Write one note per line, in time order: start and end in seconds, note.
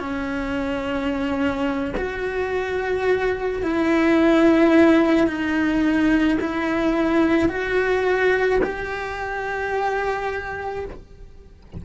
0.00 1.94 C#4
1.97 3.63 F#4
3.63 5.27 E4
5.27 6.38 D#4
6.40 7.49 E4
7.49 8.60 F#4
8.64 10.86 G4